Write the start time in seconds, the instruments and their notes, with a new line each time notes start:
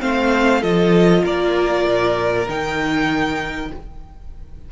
0.00 cello A3, viola C4, violin C5 F5
0.61 cello F3, viola F4, violin A4 D#5
1.24 cello A#3, violin A#4 D5
1.86 cello A#2
2.49 cello D#3, viola D#4, violin G5